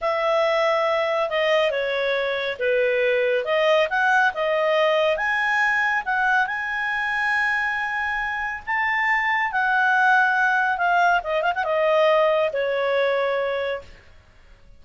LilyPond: \new Staff \with { instrumentName = "clarinet" } { \time 4/4 \tempo 4 = 139 e''2. dis''4 | cis''2 b'2 | dis''4 fis''4 dis''2 | gis''2 fis''4 gis''4~ |
gis''1 | a''2 fis''2~ | fis''4 f''4 dis''8 f''16 fis''16 dis''4~ | dis''4 cis''2. | }